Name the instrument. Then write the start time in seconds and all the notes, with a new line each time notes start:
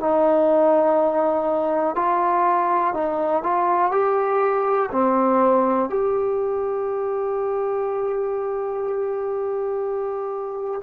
trombone
0.00 D#4
1.96 F4
2.94 D#4
3.44 F4
3.92 G4
4.92 C4
5.90 G4